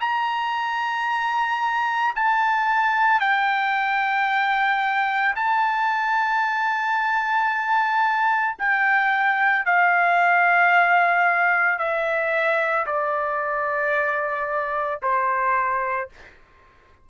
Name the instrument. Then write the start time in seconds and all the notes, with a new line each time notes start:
trumpet
0.00 A#5
2.15 A5
3.20 G5
5.35 A5
8.58 G5
9.65 F5
11.78 E5
12.86 D5
15.02 C5